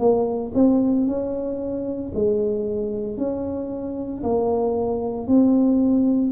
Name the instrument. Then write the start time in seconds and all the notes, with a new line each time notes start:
tuba
0.00 A#3
0.55 C4
1.07 C#4
2.15 G#3
3.18 C#4
4.24 A#3
5.28 C4